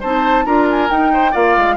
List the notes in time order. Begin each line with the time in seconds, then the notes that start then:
0.00 C4 D#4 C5 A5
0.45 D4 F4 A#4 A#5
0.70 G#5
0.89 D#4 G5
1.13 C5
1.31 A#3 F4 D5 F5
1.57 G#3